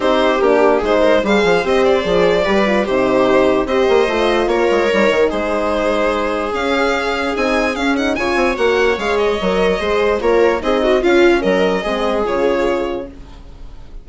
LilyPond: <<
  \new Staff \with { instrumentName = "violin" } { \time 4/4 \tempo 4 = 147 c''4 g'4 c''4 f''4 | dis''8 d''2~ d''8 c''4~ | c''4 dis''2 cis''4~ | cis''4 c''2. |
f''2 gis''4 f''8 fis''8 | gis''4 fis''4 f''8 dis''4.~ | dis''4 cis''4 dis''4 f''4 | dis''2 cis''2 | }
  \new Staff \with { instrumentName = "viola" } { \time 4/4 g'2 gis'8 ais'8 c''4~ | c''2 b'4 g'4~ | g'4 c''2 ais'4~ | ais'4 gis'2.~ |
gis'1 | cis''1 | c''4 ais'4 gis'8 fis'8 f'4 | ais'4 gis'2. | }
  \new Staff \with { instrumentName = "horn" } { \time 4/4 dis'4 d'4 dis'4 gis'4 | g'4 gis'4 g'8 f'8 dis'4~ | dis'4 g'4 f'2 | dis'1 |
cis'2 dis'4 cis'8 dis'8 | f'4 fis'4 gis'4 ais'4 | gis'4 f'4 dis'4 cis'4~ | cis'4 c'4 f'2 | }
  \new Staff \with { instrumentName = "bassoon" } { \time 4/4 c'4 ais4 gis4 g8 f8 | c'4 f4 g4 c4~ | c4 c'8 ais8 a4 ais8 gis8 | g8 dis8 gis2. |
cis'2 c'4 cis'4 | cis8 c'8 ais4 gis4 fis4 | gis4 ais4 c'4 cis'4 | fis4 gis4 cis2 | }
>>